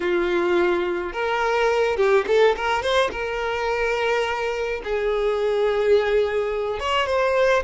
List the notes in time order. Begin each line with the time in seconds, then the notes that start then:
0.00 F4
1.12 A#4
1.96 G4
2.27 A4
2.56 A#4
2.82 C5
3.11 A#4
4.83 G#4
6.79 C#5
7.06 C5